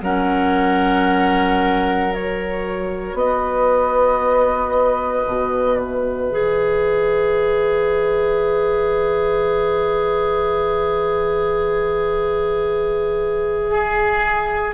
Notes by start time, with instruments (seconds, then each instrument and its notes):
0.00 bassoon F#3, clarinet C#4, oboe A#4, flute F#5
2.11 clarinet F#4, flute C#5
3.14 bassoon B3, oboe B4, flute D#5
5.26 bassoon B2
5.79 flute E5
6.30 bassoon E3, clarinet G#4
13.70 oboe G#4